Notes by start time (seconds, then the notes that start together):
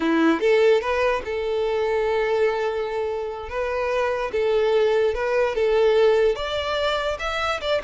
0.00 E4
0.40 A4
0.81 B4
1.25 A4
3.49 B4
4.32 A4
5.14 B4
5.55 A4
6.35 D5
7.19 E5
7.60 D5